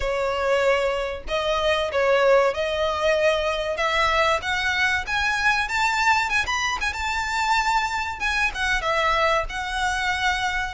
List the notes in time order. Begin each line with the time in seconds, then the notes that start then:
0.00 C#5
1.27 D#5
1.91 C#5
2.53 D#5
3.77 E5
4.42 F#5
5.06 G#5
5.68 A5
6.29 G#5
6.46 B5
6.80 G#5
6.93 A5
8.19 G#5
8.54 F#5
8.81 E5
9.49 F#5